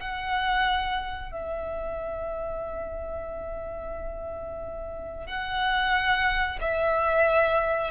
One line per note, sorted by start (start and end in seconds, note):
0.00 1.32 F#5
1.32 5.27 E5
5.27 6.59 F#5
6.61 7.91 E5